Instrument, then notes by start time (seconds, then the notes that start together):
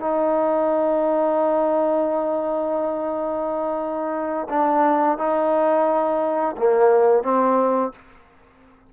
trombone
0.00 D#4
4.50 D4
5.18 D#4
6.58 A#3
7.24 C4